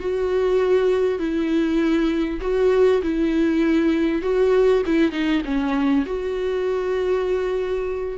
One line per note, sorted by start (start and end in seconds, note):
0.00 1.19 F#4
1.19 2.40 E4
2.41 3.02 F#4
3.02 4.22 E4
4.22 4.83 F#4
4.86 5.12 E4
5.12 5.42 D#4
5.45 6.06 C#4
6.06 8.18 F#4